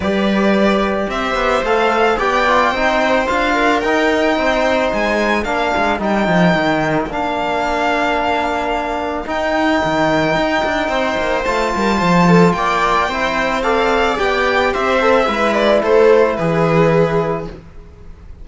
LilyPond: <<
  \new Staff \with { instrumentName = "violin" } { \time 4/4 \tempo 4 = 110 d''2 e''4 f''4 | g''2 f''4 g''4~ | g''4 gis''4 f''4 g''4~ | g''4 f''2.~ |
f''4 g''2.~ | g''4 a''2 g''4~ | g''4 f''4 g''4 e''4~ | e''8 d''8 c''4 b'2 | }
  \new Staff \with { instrumentName = "viola" } { \time 4/4 b'2 c''2 | d''4 c''4. ais'4. | c''2 ais'2~ | ais'1~ |
ais'1 | c''4. ais'8 c''8 a'8 d''4 | c''4 d''2 c''4 | b'4 a'4 gis'2 | }
  \new Staff \with { instrumentName = "trombone" } { \time 4/4 g'2. a'4 | g'8 f'8 dis'4 f'4 dis'4~ | dis'2 d'4 dis'4~ | dis'4 d'2.~ |
d'4 dis'2.~ | dis'4 f'2. | e'4 a'4 g'4. a'8 | e'1 | }
  \new Staff \with { instrumentName = "cello" } { \time 4/4 g2 c'8 b8 a4 | b4 c'4 d'4 dis'4 | c'4 gis4 ais8 gis8 g8 f8 | dis4 ais2.~ |
ais4 dis'4 dis4 dis'8 d'8 | c'8 ais8 a8 g8 f4 ais4 | c'2 b4 c'4 | gis4 a4 e2 | }
>>